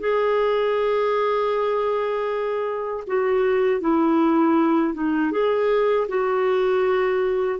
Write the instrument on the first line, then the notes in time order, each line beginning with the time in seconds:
clarinet
0.00 G#4
3.07 F#4
3.80 E4
4.94 D#4
5.32 G#4
6.08 F#4